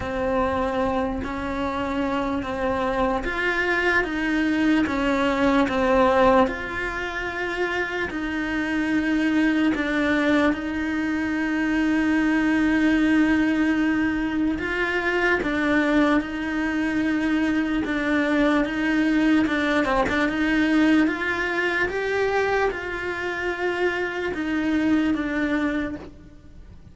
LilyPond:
\new Staff \with { instrumentName = "cello" } { \time 4/4 \tempo 4 = 74 c'4. cis'4. c'4 | f'4 dis'4 cis'4 c'4 | f'2 dis'2 | d'4 dis'2.~ |
dis'2 f'4 d'4 | dis'2 d'4 dis'4 | d'8 c'16 d'16 dis'4 f'4 g'4 | f'2 dis'4 d'4 | }